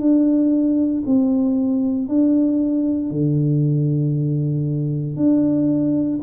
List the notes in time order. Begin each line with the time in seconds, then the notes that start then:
0.00 D4
1.07 C4
2.09 D4
3.11 D3
5.17 D4